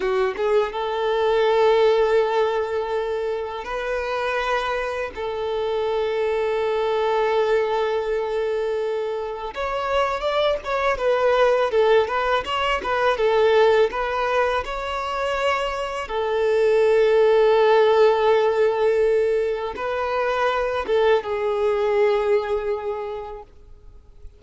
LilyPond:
\new Staff \with { instrumentName = "violin" } { \time 4/4 \tempo 4 = 82 fis'8 gis'8 a'2.~ | a'4 b'2 a'4~ | a'1~ | a'4 cis''4 d''8 cis''8 b'4 |
a'8 b'8 cis''8 b'8 a'4 b'4 | cis''2 a'2~ | a'2. b'4~ | b'8 a'8 gis'2. | }